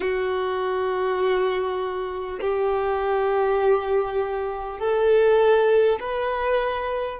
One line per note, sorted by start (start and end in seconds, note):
0.00 2.39 F#4
2.41 4.79 G4
4.79 5.99 A4
6.00 7.19 B4